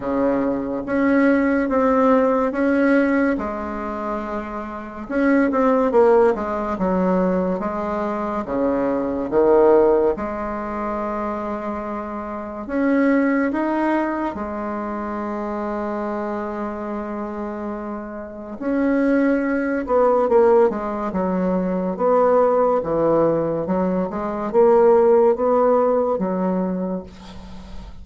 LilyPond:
\new Staff \with { instrumentName = "bassoon" } { \time 4/4 \tempo 4 = 71 cis4 cis'4 c'4 cis'4 | gis2 cis'8 c'8 ais8 gis8 | fis4 gis4 cis4 dis4 | gis2. cis'4 |
dis'4 gis2.~ | gis2 cis'4. b8 | ais8 gis8 fis4 b4 e4 | fis8 gis8 ais4 b4 fis4 | }